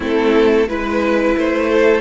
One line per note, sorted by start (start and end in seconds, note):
0.00 0.67 A3
0.00 0.67 C4
0.00 0.67 E4
0.00 0.68 A4
0.67 1.36 G#3
0.67 2.01 E4
0.67 1.37 B4
0.67 1.69 B4
1.37 2.01 A3
1.37 2.01 C5
1.69 2.01 A4